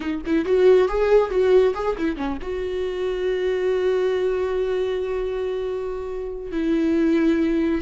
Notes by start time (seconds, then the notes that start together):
0.00 D#4
0.25 E4
0.45 F#4
0.88 G#4
1.30 F#4
1.74 G#4
1.98 E4
2.16 C#4
2.41 F#4
6.51 E4